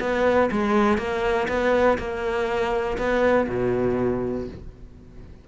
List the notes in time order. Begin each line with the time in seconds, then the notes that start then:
0.00 B3
0.51 G#3
0.98 A#3
1.48 B3
1.98 A#3
2.98 B3
3.48 B2